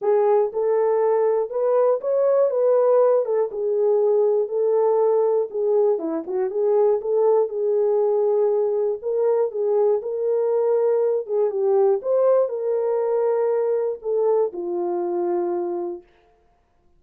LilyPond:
\new Staff \with { instrumentName = "horn" } { \time 4/4 \tempo 4 = 120 gis'4 a'2 b'4 | cis''4 b'4. a'8 gis'4~ | gis'4 a'2 gis'4 | e'8 fis'8 gis'4 a'4 gis'4~ |
gis'2 ais'4 gis'4 | ais'2~ ais'8 gis'8 g'4 | c''4 ais'2. | a'4 f'2. | }